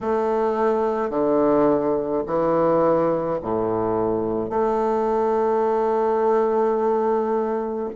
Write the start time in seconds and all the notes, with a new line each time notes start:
0.01 A3
1.10 D3
2.26 E3
3.42 A2
4.49 A3